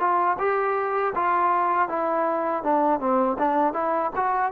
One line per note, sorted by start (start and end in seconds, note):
0.00 0.38 F4
0.39 1.14 G4
1.15 1.89 F4
1.89 2.64 E4
2.64 3.00 D4
3.00 3.38 C4
3.39 3.74 D4
3.74 4.11 E4
4.16 4.52 F#4